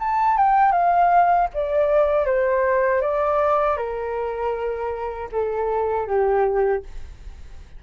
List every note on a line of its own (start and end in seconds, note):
0.00 0.37 A5
0.37 0.72 G5
0.72 1.48 F5
1.54 2.26 D5
2.26 3.02 C5
3.02 3.77 D5
3.77 5.29 A#4
5.32 6.08 A4
6.08 6.84 G4